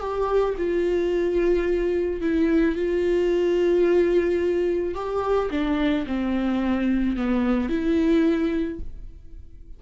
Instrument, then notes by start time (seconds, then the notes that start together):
viola
0.00 G4
0.58 F4
2.21 E4
2.76 F4
4.95 G4
5.51 D4
6.07 C4
7.17 B3
7.70 E4